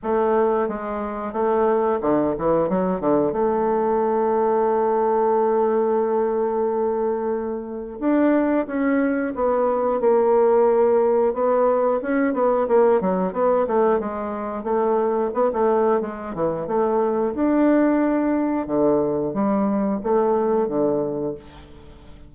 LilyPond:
\new Staff \with { instrumentName = "bassoon" } { \time 4/4 \tempo 4 = 90 a4 gis4 a4 d8 e8 | fis8 d8 a2.~ | a1 | d'4 cis'4 b4 ais4~ |
ais4 b4 cis'8 b8 ais8 fis8 | b8 a8 gis4 a4 b16 a8. | gis8 e8 a4 d'2 | d4 g4 a4 d4 | }